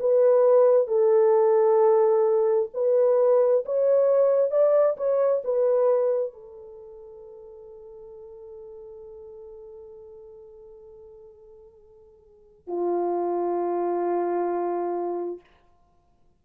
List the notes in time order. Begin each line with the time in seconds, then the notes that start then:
0.00 B4
0.88 A4
2.74 B4
3.66 C#5
4.51 D5
4.97 C#5
5.44 B4
6.33 A4
12.67 F4